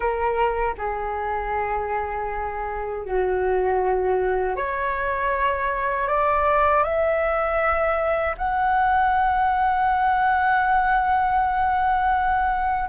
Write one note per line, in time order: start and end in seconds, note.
0.00 0.75 A#4
0.77 3.05 G#4
3.05 4.56 F#4
4.56 6.07 C#5
6.07 6.83 D5
6.83 8.35 E5
8.37 12.89 F#5